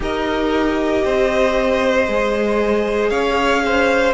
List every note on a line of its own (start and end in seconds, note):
0.00 1.03 D#4
0.00 2.05 G4
0.00 1.04 A#4
0.00 3.09 D#5
1.04 2.08 C4
1.04 3.10 C5
2.07 3.10 G#3
2.07 4.14 G#4
3.09 4.14 C#4
3.09 3.62 C#5
3.09 4.13 F5
3.65 4.14 C5